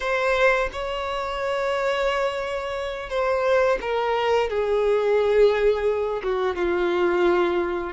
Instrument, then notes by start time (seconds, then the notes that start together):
violin
0.00 C5
0.72 C#5
3.09 C5
3.81 A#4
4.49 G#4
6.23 F#4
6.55 F4